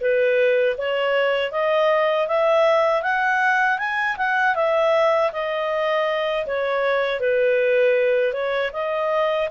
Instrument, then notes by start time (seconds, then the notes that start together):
clarinet
0.00 B4
0.77 C#5
1.51 D#5
2.27 E5
3.02 F#5
3.78 G#5
4.17 F#5
4.55 E5
5.32 D#5
6.46 C#5
7.19 B4
8.33 C#5
8.72 D#5